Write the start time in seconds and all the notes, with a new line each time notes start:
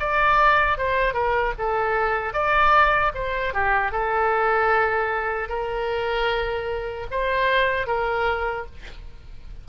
0.00 D5
0.78 C5
1.14 A#4
1.59 A4
2.33 D5
3.15 C5
3.54 G4
3.92 A4
5.49 A#4
7.11 C5
7.87 A#4